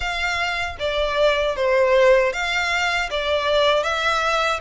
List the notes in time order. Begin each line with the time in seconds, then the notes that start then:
0.00 F5
0.79 D5
1.56 C5
2.32 F5
3.10 D5
3.83 E5